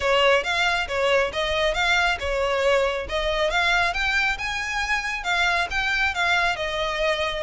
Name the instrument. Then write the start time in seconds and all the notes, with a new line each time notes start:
violin
0.00 C#5
0.43 F5
0.88 C#5
1.32 D#5
1.74 F5
2.19 C#5
3.08 D#5
3.50 F5
3.93 G5
4.38 G#5
5.23 F5
5.70 G5
6.14 F5
6.56 D#5